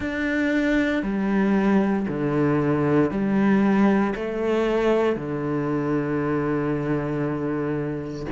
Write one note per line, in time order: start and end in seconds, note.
0.00 1.03 D4
1.03 2.06 G3
2.07 3.10 D3
3.10 4.14 G3
4.15 5.15 A3
5.15 8.26 D3